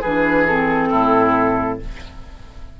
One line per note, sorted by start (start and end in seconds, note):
0.00 0.91 E3
0.00 0.47 D4
0.00 0.88 G#4
0.00 0.46 B4
0.46 1.80 C4
0.46 1.79 A4
0.90 1.80 A2
0.90 1.78 E4